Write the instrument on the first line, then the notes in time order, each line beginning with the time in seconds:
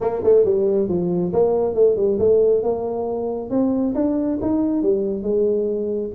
tuba
0.00 A#3
0.23 A3
0.44 G3
0.88 F3
1.32 A#3
1.74 A3
1.96 G3
2.19 A3
2.62 A#3
3.50 C4
3.94 D4
4.41 D#4
4.82 G3
5.22 G#3